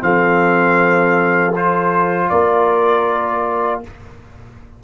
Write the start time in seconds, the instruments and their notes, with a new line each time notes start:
0.00 tuba F3, trombone C4, horn A4, trumpet F5
1.55 trombone F4, trumpet C5
2.29 tuba A#3, horn A#4, trumpet D5